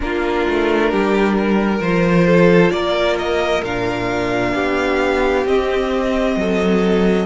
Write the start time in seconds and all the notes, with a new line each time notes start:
0.00 A#3 D4 F4 A#4
0.48 A3
0.91 G3 G4
1.37 A#4
1.79 F3 F4 C5
2.27 A4
2.70 A#3 A#4 D5
3.18 D#5
3.62 A#2 D4 F5
4.54 B3 G4
5.45 C4 D#5
6.36 F#3 A4